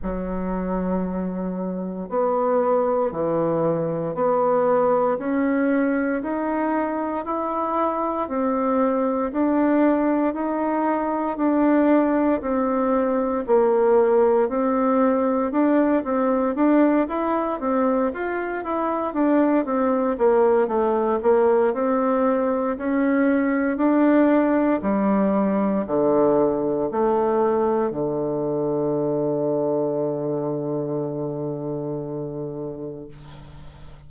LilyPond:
\new Staff \with { instrumentName = "bassoon" } { \time 4/4 \tempo 4 = 58 fis2 b4 e4 | b4 cis'4 dis'4 e'4 | c'4 d'4 dis'4 d'4 | c'4 ais4 c'4 d'8 c'8 |
d'8 e'8 c'8 f'8 e'8 d'8 c'8 ais8 | a8 ais8 c'4 cis'4 d'4 | g4 d4 a4 d4~ | d1 | }